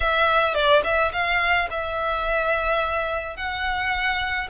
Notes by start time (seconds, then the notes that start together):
0.00 E5
0.54 D5
0.84 E5
1.12 F5
1.70 E5
3.36 F#5